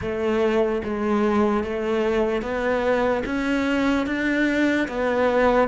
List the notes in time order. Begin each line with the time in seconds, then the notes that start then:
0.01 A3
0.84 G#3
1.63 A3
2.41 B3
3.25 C#4
4.06 D4
4.88 B3